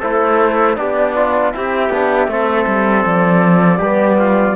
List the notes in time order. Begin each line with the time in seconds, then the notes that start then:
0.00 A3 E4 A4 C5
0.76 B3 D4 G4 D5
1.16 F4
1.54 C4 E4 G4 E5
1.90 B3 D4
2.28 A3 C4 A4
2.67 G3
3.06 F3 D5
3.78 G3 B3 G4
4.19 F4